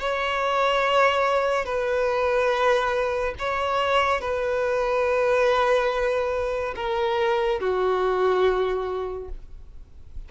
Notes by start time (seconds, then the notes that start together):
0.00 C#5
1.65 B4
3.38 C#5
4.21 B4
6.75 A#4
7.60 F#4